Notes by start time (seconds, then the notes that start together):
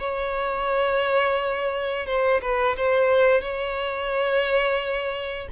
0.00 C#5
2.07 C5
2.42 B4
2.77 C5
3.42 C#5